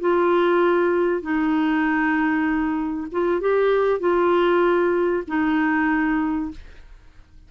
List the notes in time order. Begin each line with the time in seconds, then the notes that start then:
0.00 F4
1.21 D#4
3.12 F4
3.40 G4
4.00 F4
5.27 D#4